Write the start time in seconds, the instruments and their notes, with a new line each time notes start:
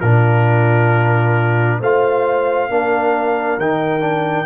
0.00 tuba A#2, trombone D4, horn F4, trumpet A#4
1.80 tuba A3, trombone F4, horn C5, trumpet F5
2.70 tuba A#3, trombone D4, horn A#4
3.58 tuba D#3, trombone D#4, trumpet G5
4.01 trombone D4